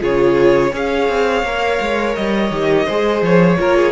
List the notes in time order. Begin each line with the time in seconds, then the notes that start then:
0.00 C#3 F4 G#4 C#5
0.73 C#4 G#4 C#5 F5
1.09 C4
1.43 A#3 A#4
1.81 G#3
2.15 G3 D#5
2.51 D#3 G4
2.86 G#3 G#4 C5
3.22 F3 C#5
3.57 A#3 F4 A#4
3.76 G#4